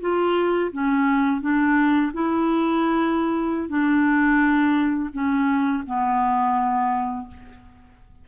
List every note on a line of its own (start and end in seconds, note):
0.00 0.71 F4
0.72 1.41 C#4
1.41 2.12 D4
2.13 3.69 E4
3.69 5.10 D4
5.13 5.83 C#4
5.86 7.27 B3